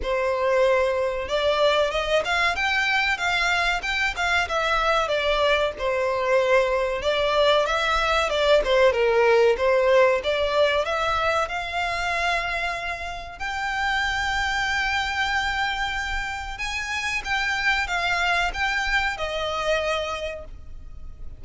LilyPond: \new Staff \with { instrumentName = "violin" } { \time 4/4 \tempo 4 = 94 c''2 d''4 dis''8 f''8 | g''4 f''4 g''8 f''8 e''4 | d''4 c''2 d''4 | e''4 d''8 c''8 ais'4 c''4 |
d''4 e''4 f''2~ | f''4 g''2.~ | g''2 gis''4 g''4 | f''4 g''4 dis''2 | }